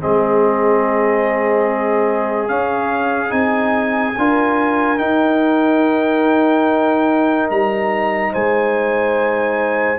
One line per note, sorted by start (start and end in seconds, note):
0.00 2.50 G#3
0.00 2.49 C4
0.00 4.19 G#4
0.00 2.48 D#5
2.48 3.30 C#4
2.48 3.32 C#4
2.48 3.32 F5
3.30 4.15 C4
3.30 4.13 D#4
3.30 4.98 G#5
4.18 5.01 D4
4.18 4.97 F4
4.18 8.32 A#4
4.97 9.97 D#4
4.97 7.51 D#4
4.97 7.48 G5
7.50 8.34 G3
7.50 8.34 A#5
8.32 9.99 G#3
8.32 9.99 C5
8.32 9.99 G#5